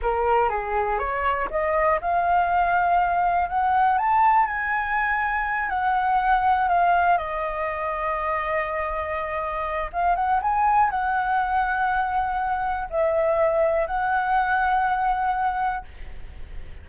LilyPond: \new Staff \with { instrumentName = "flute" } { \time 4/4 \tempo 4 = 121 ais'4 gis'4 cis''4 dis''4 | f''2. fis''4 | a''4 gis''2~ gis''8 fis''8~ | fis''4. f''4 dis''4.~ |
dis''1 | f''8 fis''8 gis''4 fis''2~ | fis''2 e''2 | fis''1 | }